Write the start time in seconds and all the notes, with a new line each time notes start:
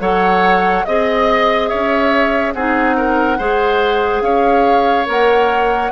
0.00 F#3 A4 C#5 F#5
0.85 C4 G#4 D#5
1.68 C#4 C#5 E5
2.54 C4 D#4 G#4 F#5
2.97 A#4
3.38 G#3 G#4 C5
4.21 C#4 C#5 F5
5.06 A#3 A#4 F#5